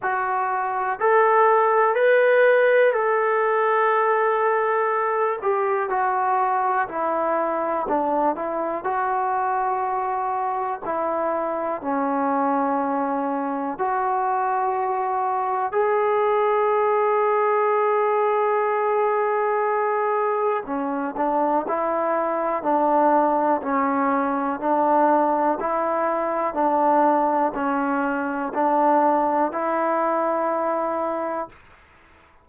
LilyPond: \new Staff \with { instrumentName = "trombone" } { \time 4/4 \tempo 4 = 61 fis'4 a'4 b'4 a'4~ | a'4. g'8 fis'4 e'4 | d'8 e'8 fis'2 e'4 | cis'2 fis'2 |
gis'1~ | gis'4 cis'8 d'8 e'4 d'4 | cis'4 d'4 e'4 d'4 | cis'4 d'4 e'2 | }